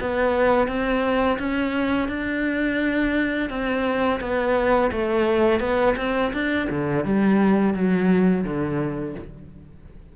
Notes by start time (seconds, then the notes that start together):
0.00 B3
0.67 C4
1.39 C#4
2.08 D4
3.49 C4
4.20 B3
4.92 A3
5.60 B3
5.97 C4
6.33 D4
6.70 D3
7.05 G3
7.74 F#3
8.44 D3